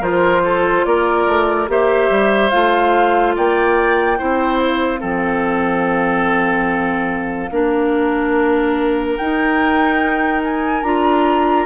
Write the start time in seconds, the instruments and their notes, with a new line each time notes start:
0.00 bassoon F3, clarinet F4, oboe A#4, flute C5
0.44 oboe A4
0.85 bassoon A#3, oboe A#4, flute D5
1.26 bassoon A3
1.67 bassoon A#3, clarinet G4, oboe C5, flute E5
2.09 bassoon G3
2.50 bassoon A3, clarinet F4, flute F5
3.35 bassoon A#3, oboe D5, flute G5
4.18 bassoon C4, clarinet E4, oboe C5
4.59 flute F5
4.98 bassoon F3, clarinet C4, oboe A4
7.51 bassoon A#3, clarinet D4, oboe A#4
9.16 clarinet D#4, bassoon D#4, flute G5
10.44 flute G#5
10.82 bassoon D4, clarinet F4, flute A#5